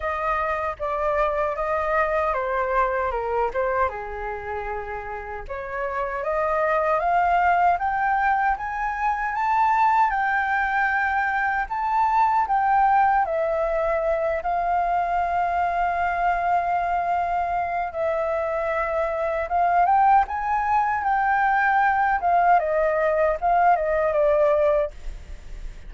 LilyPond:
\new Staff \with { instrumentName = "flute" } { \time 4/4 \tempo 4 = 77 dis''4 d''4 dis''4 c''4 | ais'8 c''8 gis'2 cis''4 | dis''4 f''4 g''4 gis''4 | a''4 g''2 a''4 |
g''4 e''4. f''4.~ | f''2. e''4~ | e''4 f''8 g''8 gis''4 g''4~ | g''8 f''8 dis''4 f''8 dis''8 d''4 | }